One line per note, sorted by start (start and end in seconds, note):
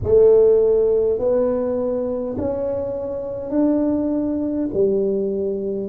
0.03 1.18 A3
1.18 2.36 B3
2.37 3.50 C#4
3.50 4.67 D4
4.73 5.88 G3